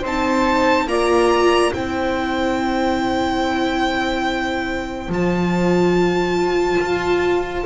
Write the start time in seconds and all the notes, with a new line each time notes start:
0.00 C4 D#4 C5
0.06 A5
0.87 A#3 F4 D5 A#5
1.72 C4 E4 C5 G5
5.08 F3 F4 A5
6.80 F4